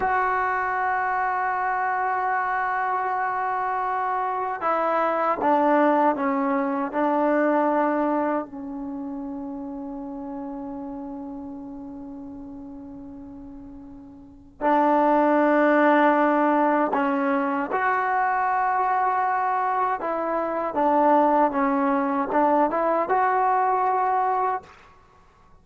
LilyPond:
\new Staff \with { instrumentName = "trombone" } { \time 4/4 \tempo 4 = 78 fis'1~ | fis'2 e'4 d'4 | cis'4 d'2 cis'4~ | cis'1~ |
cis'2. d'4~ | d'2 cis'4 fis'4~ | fis'2 e'4 d'4 | cis'4 d'8 e'8 fis'2 | }